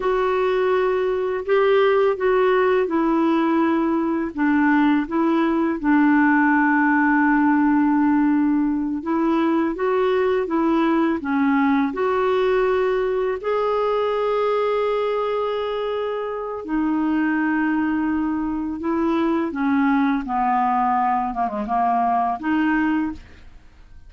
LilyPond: \new Staff \with { instrumentName = "clarinet" } { \time 4/4 \tempo 4 = 83 fis'2 g'4 fis'4 | e'2 d'4 e'4 | d'1~ | d'8 e'4 fis'4 e'4 cis'8~ |
cis'8 fis'2 gis'4.~ | gis'2. dis'4~ | dis'2 e'4 cis'4 | b4. ais16 gis16 ais4 dis'4 | }